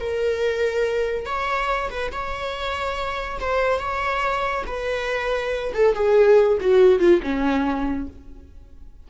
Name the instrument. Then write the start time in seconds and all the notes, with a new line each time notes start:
viola
0.00 A#4
1.26 C#5
1.90 B4
2.12 C#5
3.40 C5
3.79 C#5
4.67 B4
5.74 A4
5.95 G#4
6.61 F#4
7.00 F4
7.23 C#4